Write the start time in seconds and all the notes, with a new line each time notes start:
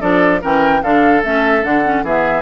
0.00 F3 D4 A4 D5
0.41 E3 C#4 A#4 G5
0.82 D3 D4 A4 F5
1.23 A3 C#4 E5
1.62 D3 D4 F#5
1.84 C#4
2.02 E3 B3 G#4 E5